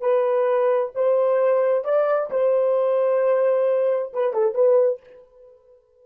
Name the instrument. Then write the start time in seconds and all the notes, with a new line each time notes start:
horn
0.00 B4
0.94 C5
1.84 D5
2.30 C5
4.13 B4
4.33 A4
4.54 B4